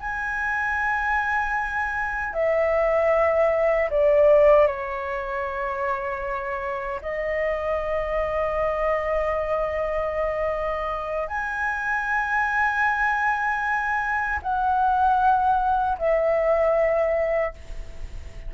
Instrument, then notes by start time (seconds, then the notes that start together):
flute
0.00 G#5
2.34 E5
3.90 D5
4.67 C#5
7.02 D#5
11.28 G#5
14.42 F#5
15.98 E5